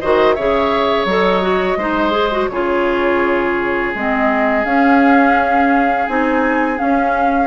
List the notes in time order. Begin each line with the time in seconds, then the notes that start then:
0.00 D#3 F#4 C5 D#5
0.34 C#3 G#4 C#5 E5
1.05 F#3 A4 D#5
1.42 F#4
1.77 G#3 D#4 C5
2.11 G#4
2.32 F#4
2.49 C#3 F4 G#4 C#5
3.95 G#3 C4 D#5
4.65 C#4 F5
6.07 C4 D#4 G#5
6.77 C#4 F5